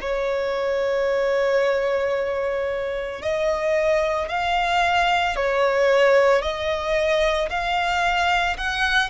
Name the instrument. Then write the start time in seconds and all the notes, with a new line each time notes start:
violin
0.00 C#5
3.21 D#5
4.29 F5
5.36 C#5
6.41 D#5
7.49 F5
8.57 F#5